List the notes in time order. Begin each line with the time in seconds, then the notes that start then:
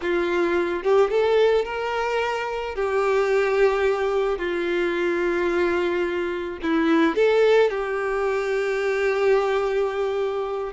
0.01 F4
0.83 G4
1.10 A4
1.65 A#4
2.75 G4
4.38 F4
6.62 E4
7.15 A4
7.69 G4